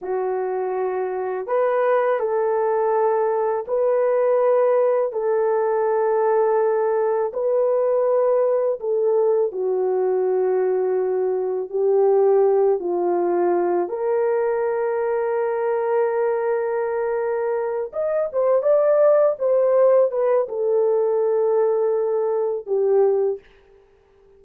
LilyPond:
\new Staff \with { instrumentName = "horn" } { \time 4/4 \tempo 4 = 82 fis'2 b'4 a'4~ | a'4 b'2 a'4~ | a'2 b'2 | a'4 fis'2. |
g'4. f'4. ais'4~ | ais'1~ | ais'8 dis''8 c''8 d''4 c''4 b'8 | a'2. g'4 | }